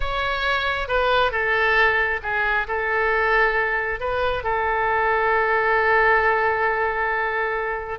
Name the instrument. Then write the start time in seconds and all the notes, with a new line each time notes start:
oboe
0.00 C#5
0.88 B4
1.31 A4
2.22 G#4
2.67 A4
4.00 B4
4.43 A4